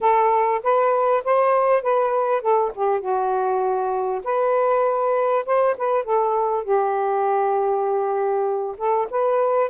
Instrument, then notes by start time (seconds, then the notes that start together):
saxophone
0.01 A4
0.63 B4
1.24 C5
1.82 B4
2.41 A4
2.74 G4
3.00 F#4
4.24 B4
5.45 C5
5.77 B4
6.04 A4
6.64 G4
8.77 A4
9.10 B4